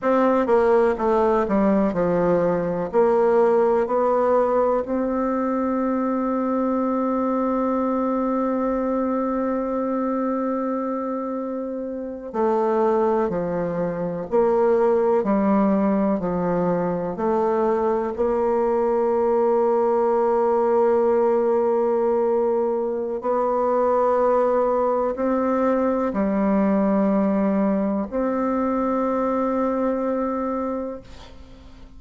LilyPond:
\new Staff \with { instrumentName = "bassoon" } { \time 4/4 \tempo 4 = 62 c'8 ais8 a8 g8 f4 ais4 | b4 c'2.~ | c'1~ | c'8. a4 f4 ais4 g16~ |
g8. f4 a4 ais4~ ais16~ | ais1 | b2 c'4 g4~ | g4 c'2. | }